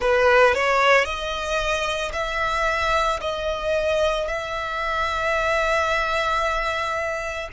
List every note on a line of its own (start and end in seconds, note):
0.00 0.54 B4
0.54 1.04 C#5
1.04 2.11 D#5
2.12 3.19 E5
3.20 4.27 D#5
4.27 7.49 E5